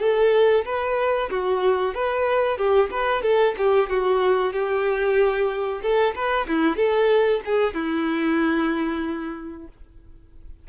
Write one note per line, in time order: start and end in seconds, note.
0.00 0.65 A4
0.65 1.30 B4
1.30 1.94 F#4
1.94 2.57 B4
2.57 2.90 G4
2.91 3.22 B4
3.22 3.55 A4
3.57 3.90 G4
3.90 4.53 F#4
4.53 5.82 G4
5.82 6.14 A4
6.15 6.47 B4
6.48 6.77 E4
6.77 7.41 A4
7.45 7.74 G#4
7.74 9.67 E4